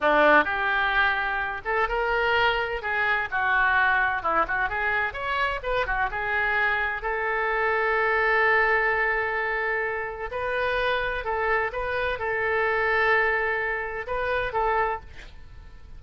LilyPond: \new Staff \with { instrumentName = "oboe" } { \time 4/4 \tempo 4 = 128 d'4 g'2~ g'8 a'8 | ais'2 gis'4 fis'4~ | fis'4 e'8 fis'8 gis'4 cis''4 | b'8 fis'8 gis'2 a'4~ |
a'1~ | a'2 b'2 | a'4 b'4 a'2~ | a'2 b'4 a'4 | }